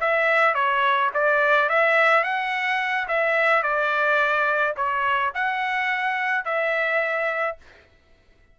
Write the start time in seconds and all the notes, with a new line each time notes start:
0.00 E5
0.54 C#5
1.13 D5
1.69 E5
2.23 F#5
3.08 E5
3.62 D5
4.76 C#5
5.34 F#5
6.45 E5